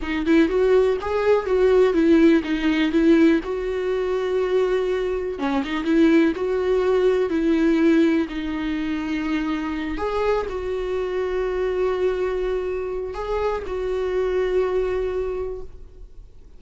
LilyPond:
\new Staff \with { instrumentName = "viola" } { \time 4/4 \tempo 4 = 123 dis'8 e'8 fis'4 gis'4 fis'4 | e'4 dis'4 e'4 fis'4~ | fis'2. cis'8 dis'8 | e'4 fis'2 e'4~ |
e'4 dis'2.~ | dis'8 gis'4 fis'2~ fis'8~ | fis'2. gis'4 | fis'1 | }